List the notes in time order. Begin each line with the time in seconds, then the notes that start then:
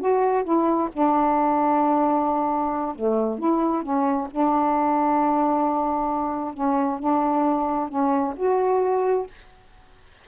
0.00 F#4
0.44 E4
0.93 D4
2.96 A3
3.39 E4
3.83 C#4
4.31 D4
6.54 C#4
6.99 D4
7.89 C#4
8.37 F#4